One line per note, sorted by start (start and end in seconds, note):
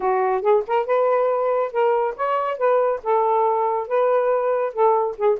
0.00 0.41 F#4
0.41 0.63 G#4
0.67 0.86 A#4
0.86 1.72 B4
1.72 2.15 A#4
2.16 2.57 C#5
2.57 3.00 B4
3.03 3.87 A4
3.87 4.73 B4
4.73 5.16 A4
5.17 5.39 G#4